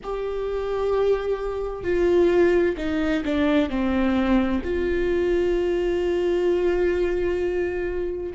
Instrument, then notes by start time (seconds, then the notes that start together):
viola
0.03 G4
1.83 F4
2.77 D#4
3.24 D4
3.69 C4
4.64 F4